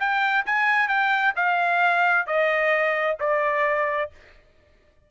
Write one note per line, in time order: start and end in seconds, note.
0.00 0.45 G5
0.46 0.88 G#5
0.88 1.34 G5
1.36 2.27 F5
2.27 3.18 D#5
3.20 4.11 D5